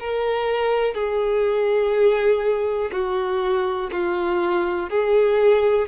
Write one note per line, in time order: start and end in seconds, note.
0.00 0.94 A#4
0.94 2.91 G#4
2.92 3.90 F#4
3.92 4.90 F4
4.90 5.88 G#4